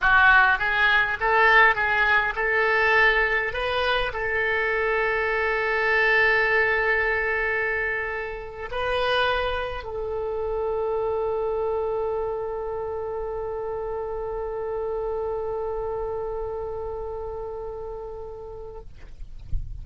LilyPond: \new Staff \with { instrumentName = "oboe" } { \time 4/4 \tempo 4 = 102 fis'4 gis'4 a'4 gis'4 | a'2 b'4 a'4~ | a'1~ | a'2~ a'8. b'4~ b'16~ |
b'8. a'2.~ a'16~ | a'1~ | a'1~ | a'1 | }